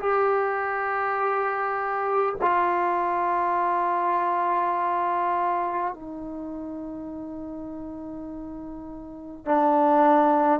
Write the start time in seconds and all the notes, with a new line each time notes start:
0.00 G4
2.41 F4
5.94 D#4
9.45 D4